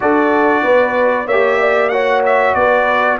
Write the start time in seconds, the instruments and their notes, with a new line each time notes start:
0.00 tuba D4, trombone F#4, horn A4, trumpet D5
0.62 tuba B3, horn B4
1.26 tuba A#3, trombone G4, horn C#5, trumpet E5
1.60 horn D5
1.89 trombone F#4, horn C#5, trumpet F#5
2.25 trumpet E5
2.54 tuba B3, horn B4, trumpet D5